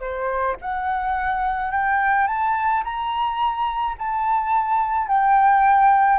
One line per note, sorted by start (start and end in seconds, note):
0.00 0.56 C5
0.61 1.71 F#5
1.71 2.27 G5
2.27 2.83 A5
2.84 3.96 A#5
3.98 5.08 A5
5.08 6.19 G5